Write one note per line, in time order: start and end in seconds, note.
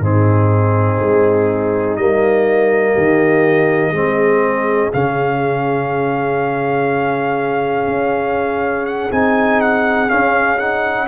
0.00 0.98 G#2
0.00 1.98 C4
0.00 2.93 D#4
0.00 1.96 G#4
1.02 1.97 G#3
1.96 2.95 G3
1.96 3.94 A#3
1.96 4.91 D#5
2.93 3.91 D#3
2.93 3.91 G4
3.91 4.89 G#3
3.91 4.92 C4
3.91 11.06 G#4
4.93 7.87 C#3
4.93 9.11 C#4
4.93 8.86 F5
7.87 9.10 C#4
8.86 9.11 F#5
9.12 10.10 C4
9.12 10.09 D#4
9.12 9.61 G#5
9.61 10.10 F#5
10.09 10.58 C#4
10.09 11.08 C#4
10.09 10.58 F5
10.58 11.08 D#4
10.58 11.08 F#5